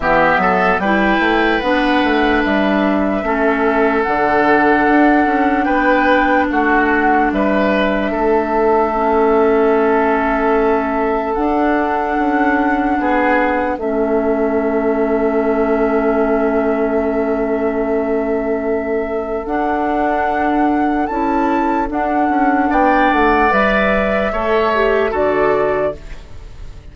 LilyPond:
<<
  \new Staff \with { instrumentName = "flute" } { \time 4/4 \tempo 4 = 74 e''4 g''4 fis''4 e''4~ | e''4 fis''2 g''4 | fis''4 e''2.~ | e''2 fis''2~ |
fis''4 e''2.~ | e''1 | fis''2 a''4 fis''4 | g''8 fis''8 e''2 d''4 | }
  \new Staff \with { instrumentName = "oboe" } { \time 4/4 g'8 a'8 b'2. | a'2. b'4 | fis'4 b'4 a'2~ | a'1 |
gis'4 a'2.~ | a'1~ | a'1 | d''2 cis''4 a'4 | }
  \new Staff \with { instrumentName = "clarinet" } { \time 4/4 b4 e'4 d'2 | cis'4 d'2.~ | d'2. cis'4~ | cis'2 d'2~ |
d'4 cis'2.~ | cis'1 | d'2 e'4 d'4~ | d'4 b'4 a'8 g'8 fis'4 | }
  \new Staff \with { instrumentName = "bassoon" } { \time 4/4 e8 fis8 g8 a8 b8 a8 g4 | a4 d4 d'8 cis'8 b4 | a4 g4 a2~ | a2 d'4 cis'4 |
b4 a2.~ | a1 | d'2 cis'4 d'8 cis'8 | b8 a8 g4 a4 d4 | }
>>